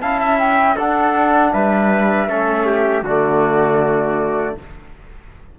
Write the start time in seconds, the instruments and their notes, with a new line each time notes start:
0.00 cello C#4, trombone E4, trumpet F5, flute A5
0.20 trumpet E5
0.39 flute G5
0.76 cello D4, trombone D4, trumpet A4, flute F#5
1.53 cello G3, trumpet B4, flute E5
2.28 cello A3, trombone C#4, trumpet A4
2.66 trumpet G4
3.02 cello D3, trombone A3, trumpet F#4, flute D5